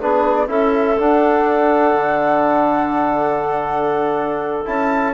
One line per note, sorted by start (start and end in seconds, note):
0.00 0.48 B3
0.00 0.47 D4
0.00 0.48 G#4
0.00 0.35 B4
0.35 0.47 D5
0.47 0.97 C#4
0.47 0.97 E4
0.47 5.14 A4
0.47 0.98 E5
0.97 4.66 D4
0.97 1.94 D4
0.97 4.66 F#5
1.94 4.64 D3
4.66 5.14 C#4
4.66 5.14 E4
4.66 5.14 A5